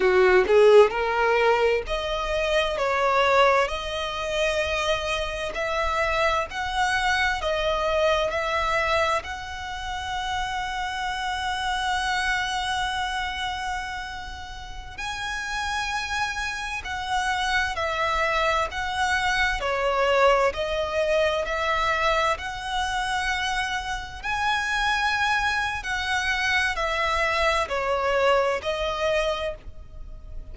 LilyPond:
\new Staff \with { instrumentName = "violin" } { \time 4/4 \tempo 4 = 65 fis'8 gis'8 ais'4 dis''4 cis''4 | dis''2 e''4 fis''4 | dis''4 e''4 fis''2~ | fis''1~ |
fis''16 gis''2 fis''4 e''8.~ | e''16 fis''4 cis''4 dis''4 e''8.~ | e''16 fis''2 gis''4.~ gis''16 | fis''4 e''4 cis''4 dis''4 | }